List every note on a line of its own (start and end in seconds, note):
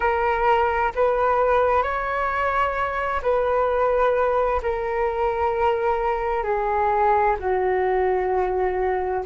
0.00 0.92 A#4
0.95 1.83 B4
1.83 3.21 C#5
3.22 4.60 B4
4.62 6.43 A#4
6.43 7.36 G#4
7.38 9.23 F#4